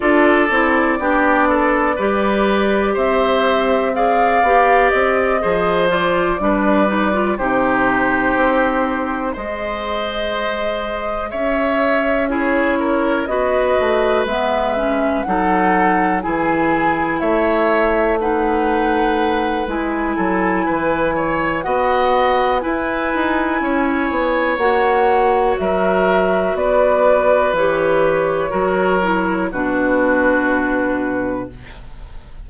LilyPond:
<<
  \new Staff \with { instrumentName = "flute" } { \time 4/4 \tempo 4 = 61 d''2. e''4 | f''4 dis''4 d''4. c''8~ | c''4. dis''2 e''8~ | e''8 cis''4 dis''4 e''4 fis''8~ |
fis''8 gis''4 e''4 fis''4. | gis''2 fis''4 gis''4~ | gis''4 fis''4 e''4 d''4 | cis''2 b'2 | }
  \new Staff \with { instrumentName = "oboe" } { \time 4/4 a'4 g'8 a'8 b'4 c''4 | d''4. c''4 b'4 g'8~ | g'4. c''2 cis''8~ | cis''8 gis'8 ais'8 b'2 a'8~ |
a'8 gis'4 cis''4 b'4.~ | b'8 a'8 b'8 cis''8 dis''4 b'4 | cis''2 ais'4 b'4~ | b'4 ais'4 fis'2 | }
  \new Staff \with { instrumentName = "clarinet" } { \time 4/4 f'8 e'8 d'4 g'2 | gis'8 g'4 gis'8 f'8 d'8 dis'16 f'16 dis'8~ | dis'4. gis'2~ gis'8~ | gis'8 e'4 fis'4 b8 cis'8 dis'8~ |
dis'8 e'2 dis'4. | e'2 fis'4 e'4~ | e'4 fis'2. | g'4 fis'8 e'8 d'2 | }
  \new Staff \with { instrumentName = "bassoon" } { \time 4/4 d'8 c'8 b4 g4 c'4~ | c'8 b8 c'8 f4 g4 c8~ | c8 c'4 gis2 cis'8~ | cis'4. b8 a8 gis4 fis8~ |
fis8 e4 a2~ a8 | gis8 fis8 e4 b4 e'8 dis'8 | cis'8 b8 ais4 fis4 b4 | e4 fis4 b,2 | }
>>